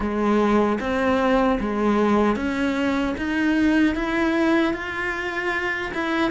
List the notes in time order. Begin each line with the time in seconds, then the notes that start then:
0.00 G#3
0.79 C4
1.60 G#3
2.36 C#4
3.17 D#4
3.95 E4
4.73 F4
5.94 E4